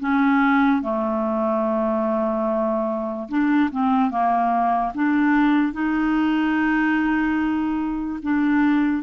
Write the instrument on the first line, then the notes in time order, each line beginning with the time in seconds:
clarinet
0.00 C#4
0.82 A3
3.29 D4
3.71 C4
4.11 A#3
4.95 D4
5.73 D#4
8.23 D4